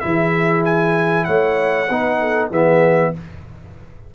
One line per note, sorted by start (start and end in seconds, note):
0.00 1.28 E3
0.00 1.87 E4
0.00 1.26 G#4
0.00 0.62 E5
0.65 1.25 G#5
1.25 1.90 A3
1.25 1.88 C#5
1.25 2.48 F#5
1.89 2.51 B3
1.89 2.52 D#4
1.89 2.19 B4
2.20 2.50 A4
2.50 3.13 E3
2.50 3.14 B3
2.50 3.12 G#4
2.50 3.15 E5